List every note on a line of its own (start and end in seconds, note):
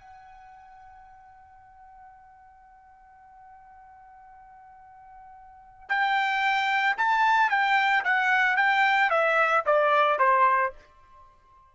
0.00 5.89 F#5
5.89 6.96 G5
6.98 7.50 A5
7.50 8.04 G5
8.05 8.57 F#5
8.57 9.11 G5
9.11 9.64 E5
9.66 10.20 D5
10.20 10.73 C5